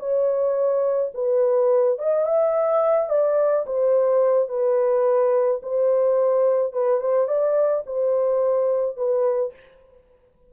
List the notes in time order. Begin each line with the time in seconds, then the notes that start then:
0.00 C#5
1.15 B4
1.99 D#5
2.26 E5
3.10 D5
3.67 C5
4.49 B4
5.63 C5
6.73 B4
7.01 C5
7.28 D5
7.87 C5
8.97 B4